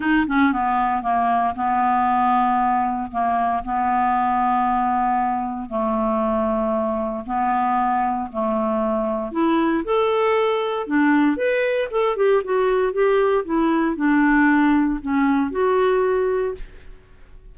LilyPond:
\new Staff \with { instrumentName = "clarinet" } { \time 4/4 \tempo 4 = 116 dis'8 cis'8 b4 ais4 b4~ | b2 ais4 b4~ | b2. a4~ | a2 b2 |
a2 e'4 a'4~ | a'4 d'4 b'4 a'8 g'8 | fis'4 g'4 e'4 d'4~ | d'4 cis'4 fis'2 | }